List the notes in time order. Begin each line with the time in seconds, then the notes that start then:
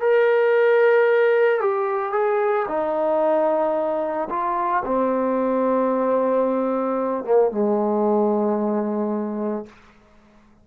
0.00 A#4
1.60 G4
2.12 G#4
2.68 D#4
4.30 F4
4.85 C4
7.24 A#3
7.51 G#3